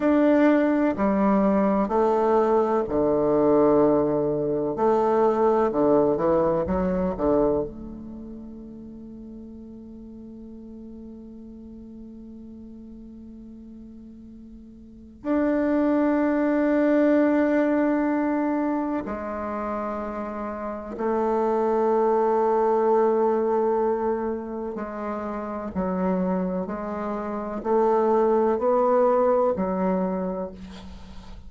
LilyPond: \new Staff \with { instrumentName = "bassoon" } { \time 4/4 \tempo 4 = 63 d'4 g4 a4 d4~ | d4 a4 d8 e8 fis8 d8 | a1~ | a1 |
d'1 | gis2 a2~ | a2 gis4 fis4 | gis4 a4 b4 fis4 | }